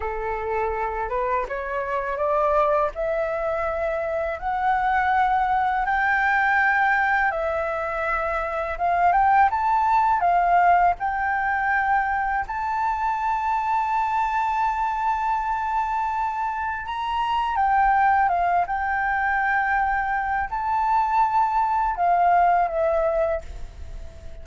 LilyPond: \new Staff \with { instrumentName = "flute" } { \time 4/4 \tempo 4 = 82 a'4. b'8 cis''4 d''4 | e''2 fis''2 | g''2 e''2 | f''8 g''8 a''4 f''4 g''4~ |
g''4 a''2.~ | a''2. ais''4 | g''4 f''8 g''2~ g''8 | a''2 f''4 e''4 | }